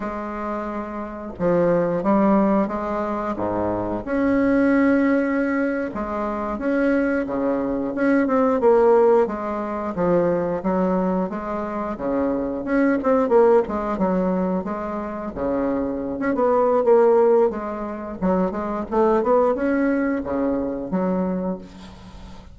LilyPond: \new Staff \with { instrumentName = "bassoon" } { \time 4/4 \tempo 4 = 89 gis2 f4 g4 | gis4 gis,4 cis'2~ | cis'8. gis4 cis'4 cis4 cis'16~ | cis'16 c'8 ais4 gis4 f4 fis16~ |
fis8. gis4 cis4 cis'8 c'8 ais16~ | ais16 gis8 fis4 gis4 cis4~ cis16 | cis'16 b8. ais4 gis4 fis8 gis8 | a8 b8 cis'4 cis4 fis4 | }